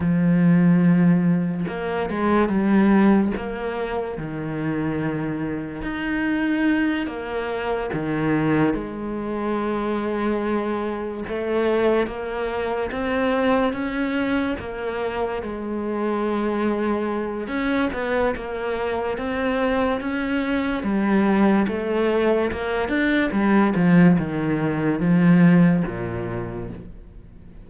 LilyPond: \new Staff \with { instrumentName = "cello" } { \time 4/4 \tempo 4 = 72 f2 ais8 gis8 g4 | ais4 dis2 dis'4~ | dis'8 ais4 dis4 gis4.~ | gis4. a4 ais4 c'8~ |
c'8 cis'4 ais4 gis4.~ | gis4 cis'8 b8 ais4 c'4 | cis'4 g4 a4 ais8 d'8 | g8 f8 dis4 f4 ais,4 | }